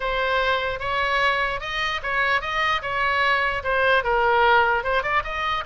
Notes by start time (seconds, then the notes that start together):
0.00 C5
0.79 C#5
1.60 D#5
2.02 C#5
2.41 D#5
2.82 C#5
3.63 C5
4.03 A#4
4.83 C5
5.02 D5
5.23 D#5